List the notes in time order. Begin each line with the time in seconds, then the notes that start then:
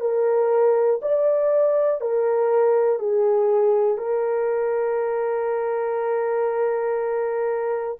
0.00 A#4
1.01 D5
2.00 A#4
2.99 G#4
3.97 A#4